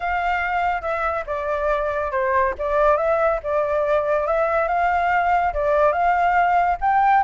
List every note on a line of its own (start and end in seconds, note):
0.00 0.81 F5
0.81 1.24 E5
1.26 2.11 D5
2.11 2.54 C5
2.58 2.97 D5
2.97 3.39 E5
3.43 4.27 D5
4.27 4.68 E5
4.68 5.53 F5
5.53 5.92 D5
5.92 6.77 F5
6.80 7.23 G5